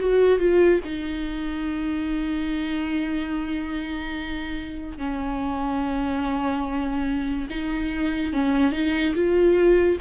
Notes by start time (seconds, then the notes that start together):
0.00 F#4
0.39 F4
0.85 D#4
4.98 C#4
7.50 D#4
8.33 C#4
8.72 D#4
9.16 F4